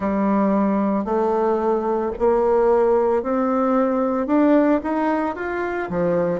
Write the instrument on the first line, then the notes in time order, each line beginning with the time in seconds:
bassoon
0.00 G3
1.05 A3
2.18 A#3
3.22 C4
4.27 D4
4.83 D#4
5.35 F4
5.89 F3